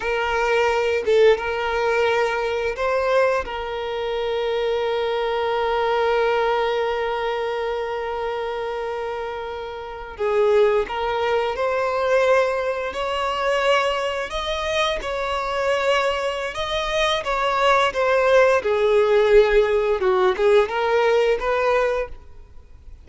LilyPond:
\new Staff \with { instrumentName = "violin" } { \time 4/4 \tempo 4 = 87 ais'4. a'8 ais'2 | c''4 ais'2.~ | ais'1~ | ais'2~ ais'8. gis'4 ais'16~ |
ais'8. c''2 cis''4~ cis''16~ | cis''8. dis''4 cis''2~ cis''16 | dis''4 cis''4 c''4 gis'4~ | gis'4 fis'8 gis'8 ais'4 b'4 | }